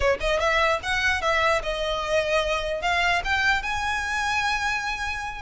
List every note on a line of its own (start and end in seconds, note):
0.00 0.18 C#5
0.20 0.39 D#5
0.39 0.80 E5
0.82 1.21 F#5
1.21 1.61 E5
1.62 2.81 D#5
2.81 3.22 F5
3.24 3.62 G5
3.62 5.41 G#5